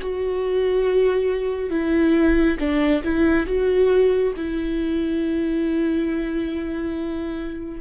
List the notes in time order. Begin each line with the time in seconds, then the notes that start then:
0.00 F#4
1.70 E4
2.59 D4
3.04 E4
3.46 F#4
4.36 E4